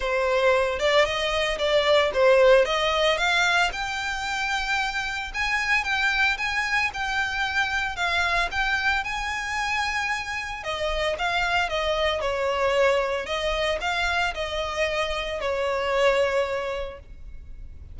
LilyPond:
\new Staff \with { instrumentName = "violin" } { \time 4/4 \tempo 4 = 113 c''4. d''8 dis''4 d''4 | c''4 dis''4 f''4 g''4~ | g''2 gis''4 g''4 | gis''4 g''2 f''4 |
g''4 gis''2. | dis''4 f''4 dis''4 cis''4~ | cis''4 dis''4 f''4 dis''4~ | dis''4 cis''2. | }